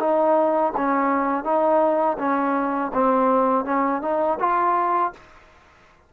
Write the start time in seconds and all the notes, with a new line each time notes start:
0.00 D#4
0.77 C#4
1.44 D#4
2.19 C#4
2.94 C4
3.65 C#4
4.02 D#4
4.40 F4